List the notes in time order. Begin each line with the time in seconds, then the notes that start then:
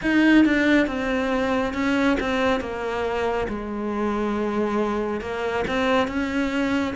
0.02 D#4
0.45 D4
0.87 C4
1.73 C#4
2.20 C4
2.60 A#3
3.48 G#3
5.21 A#3
5.68 C4
6.07 C#4